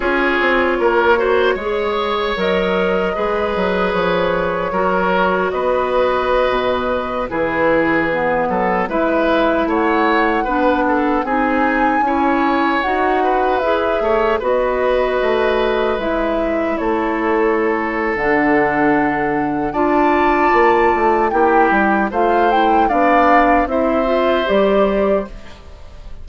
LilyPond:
<<
  \new Staff \with { instrumentName = "flute" } { \time 4/4 \tempo 4 = 76 cis''2. dis''4~ | dis''4 cis''2 dis''4~ | dis''4~ dis''16 b'2 e''8.~ | e''16 fis''2 gis''4.~ gis''16~ |
gis''16 fis''4 e''4 dis''4.~ dis''16~ | dis''16 e''4 cis''4.~ cis''16 fis''4~ | fis''4 a''2 g''4 | f''8 g''8 f''4 e''4 d''4 | }
  \new Staff \with { instrumentName = "oboe" } { \time 4/4 gis'4 ais'8 c''8 cis''2 | b'2 ais'4 b'4~ | b'4~ b'16 gis'4. a'8 b'8.~ | b'16 cis''4 b'8 a'8 gis'4 cis''8.~ |
cis''8. b'4 cis''8 b'4.~ b'16~ | b'4~ b'16 a'2~ a'8.~ | a'4 d''2 g'4 | c''4 d''4 c''2 | }
  \new Staff \with { instrumentName = "clarinet" } { \time 4/4 f'4. fis'8 gis'4 ais'4 | gis'2 fis'2~ | fis'4~ fis'16 e'4 b4 e'8.~ | e'4~ e'16 d'4 dis'4 e'8.~ |
e'16 fis'4 gis'4 fis'4.~ fis'16~ | fis'16 e'2~ e'8. d'4~ | d'4 f'2 e'4 | f'8 e'8 d'4 e'8 f'8 g'4 | }
  \new Staff \with { instrumentName = "bassoon" } { \time 4/4 cis'8 c'8 ais4 gis4 fis4 | gis8 fis8 f4 fis4 b4~ | b16 b,4 e4. fis8 gis8.~ | gis16 a4 b4 c'4 cis'8.~ |
cis'16 dis'4 e'8 a8 b4 a8.~ | a16 gis4 a4.~ a16 d4~ | d4 d'4 ais8 a8 ais8 g8 | a4 b4 c'4 g4 | }
>>